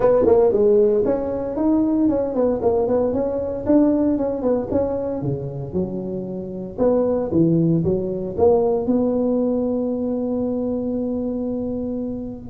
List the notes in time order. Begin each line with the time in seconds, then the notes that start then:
0.00 B3
0.26 A#3
0.52 G#3
1.05 C#4
1.56 D#4
2.08 C#4
2.34 B3
2.61 A#3
2.87 B3
3.13 C#4
3.65 D4
4.17 C#4
4.42 B3
4.71 C#4
5.22 C#3
5.72 F#3
6.78 B3
7.31 E3
7.84 F#3
8.37 A#3
8.86 B3